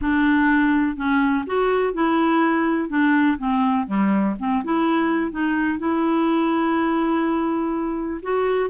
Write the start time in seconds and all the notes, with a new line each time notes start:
0.01 D4
0.96 C#4
1.46 F#4
1.93 E4
2.89 D4
3.38 C4
3.86 G3
4.39 C4
4.64 E4
5.31 D#4
5.78 E4
8.22 F#4